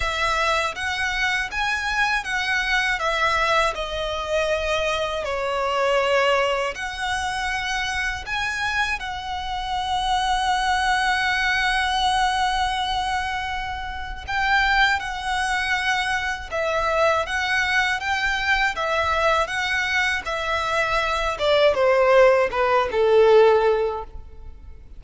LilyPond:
\new Staff \with { instrumentName = "violin" } { \time 4/4 \tempo 4 = 80 e''4 fis''4 gis''4 fis''4 | e''4 dis''2 cis''4~ | cis''4 fis''2 gis''4 | fis''1~ |
fis''2. g''4 | fis''2 e''4 fis''4 | g''4 e''4 fis''4 e''4~ | e''8 d''8 c''4 b'8 a'4. | }